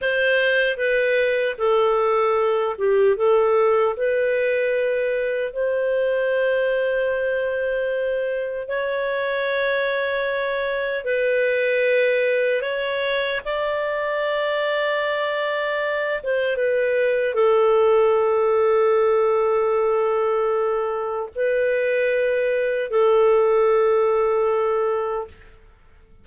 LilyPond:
\new Staff \with { instrumentName = "clarinet" } { \time 4/4 \tempo 4 = 76 c''4 b'4 a'4. g'8 | a'4 b'2 c''4~ | c''2. cis''4~ | cis''2 b'2 |
cis''4 d''2.~ | d''8 c''8 b'4 a'2~ | a'2. b'4~ | b'4 a'2. | }